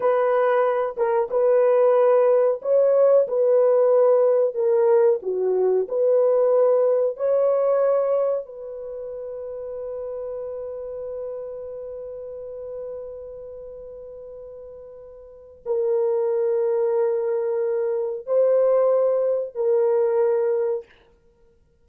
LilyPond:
\new Staff \with { instrumentName = "horn" } { \time 4/4 \tempo 4 = 92 b'4. ais'8 b'2 | cis''4 b'2 ais'4 | fis'4 b'2 cis''4~ | cis''4 b'2.~ |
b'1~ | b'1 | ais'1 | c''2 ais'2 | }